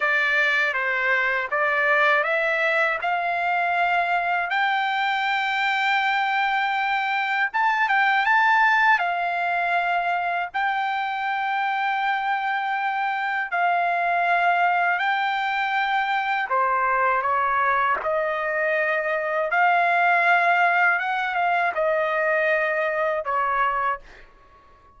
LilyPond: \new Staff \with { instrumentName = "trumpet" } { \time 4/4 \tempo 4 = 80 d''4 c''4 d''4 e''4 | f''2 g''2~ | g''2 a''8 g''8 a''4 | f''2 g''2~ |
g''2 f''2 | g''2 c''4 cis''4 | dis''2 f''2 | fis''8 f''8 dis''2 cis''4 | }